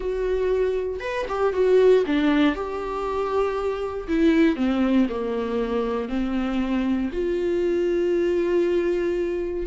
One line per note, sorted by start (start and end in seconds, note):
0.00 1.00 F#4
1.00 1.25 B4
1.28 1.53 G4
1.53 2.03 F#4
2.06 2.55 D4
2.55 4.07 G4
4.07 4.56 E4
4.56 5.06 C4
5.09 6.08 A#3
6.08 7.10 C4
7.12 9.66 F4